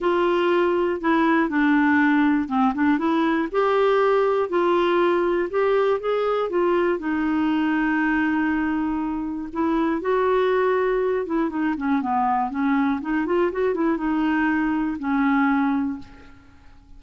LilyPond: \new Staff \with { instrumentName = "clarinet" } { \time 4/4 \tempo 4 = 120 f'2 e'4 d'4~ | d'4 c'8 d'8 e'4 g'4~ | g'4 f'2 g'4 | gis'4 f'4 dis'2~ |
dis'2. e'4 | fis'2~ fis'8 e'8 dis'8 cis'8 | b4 cis'4 dis'8 f'8 fis'8 e'8 | dis'2 cis'2 | }